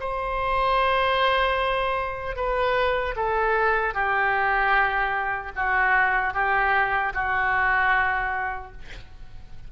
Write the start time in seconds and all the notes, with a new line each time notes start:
0.00 C5
2.35 B4
3.16 A4
3.94 G4
5.55 F#4
6.33 G4
7.14 F#4